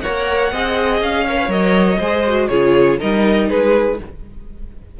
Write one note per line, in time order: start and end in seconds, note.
0.00 0.52 A#4
0.00 0.52 C#5
0.00 0.99 F#5
0.07 0.52 A#3
0.52 1.01 C4
0.52 1.27 G#4
0.52 1.27 D#5
1.01 1.48 C#4
1.01 1.51 F5
1.27 1.37 A#4
1.27 1.99 C#5
1.37 1.48 B4
1.48 1.97 F#3
1.48 1.98 A#4
1.48 2.48 D#5
1.99 2.49 G#3
1.99 2.27 G#4
1.99 2.48 C5
2.28 2.51 F#4
2.48 2.99 C#3
2.48 2.99 F4
2.48 2.99 G#4
2.48 2.97 C#5
2.99 3.50 G3
2.99 3.98 D#4
2.99 3.49 A#4
2.99 3.50 D#5
3.49 4.00 G#3
3.49 3.98 G#4
3.49 3.99 B4